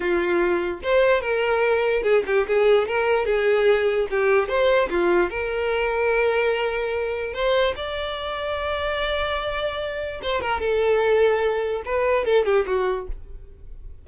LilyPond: \new Staff \with { instrumentName = "violin" } { \time 4/4 \tempo 4 = 147 f'2 c''4 ais'4~ | ais'4 gis'8 g'8 gis'4 ais'4 | gis'2 g'4 c''4 | f'4 ais'2.~ |
ais'2 c''4 d''4~ | d''1~ | d''4 c''8 ais'8 a'2~ | a'4 b'4 a'8 g'8 fis'4 | }